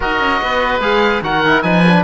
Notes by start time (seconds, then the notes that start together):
0.00 D#4 F#4 A#4 D#5
0.19 C#4
0.42 B3 B4
0.79 G#3 G#4 F5
1.21 D#3 F#4 A#4 F#5
1.46 E4
1.62 F3 D#4 B4 G#5
1.87 D4